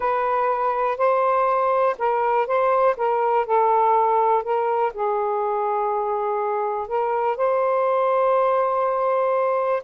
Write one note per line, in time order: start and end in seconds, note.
0.00 0.97 B4
0.97 1.96 C5
1.98 2.46 A#4
2.46 2.95 C5
2.96 3.46 A#4
3.46 4.43 A4
4.43 4.92 A#4
4.93 6.87 G#4
6.87 7.36 A#4
7.37 9.82 C5